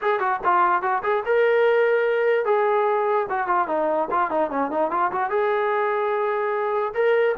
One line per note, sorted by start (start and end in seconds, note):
0.01 0.19 G#4
0.19 0.40 F#4
0.44 0.82 F4
0.82 1.02 F#4
1.03 1.23 G#4
1.25 2.45 A#4
2.45 3.27 G#4
3.29 3.47 F#4
3.47 3.67 F4
3.67 4.08 D#4
4.10 4.30 F4
4.30 4.50 D#4
4.50 4.70 C#4
4.70 4.90 D#4
4.90 5.11 F4
5.11 5.30 F#4
5.30 6.93 G#4
6.94 7.35 A#4